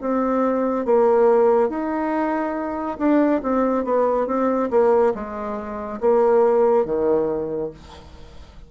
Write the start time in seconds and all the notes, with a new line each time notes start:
0.00 C4
0.85 A#3
1.69 D#4
2.98 D4
3.42 C4
3.84 B3
4.27 C4
4.70 A#3
5.14 G#3
6.00 A#3
6.85 D#3